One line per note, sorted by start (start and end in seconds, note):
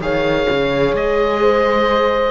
0.00 0.47 D#3
0.00 2.31 G#4
0.00 1.42 C#5
0.00 0.95 F5
0.50 0.93 C#3
0.93 2.31 G#3
0.93 2.31 D#5
1.42 2.31 C5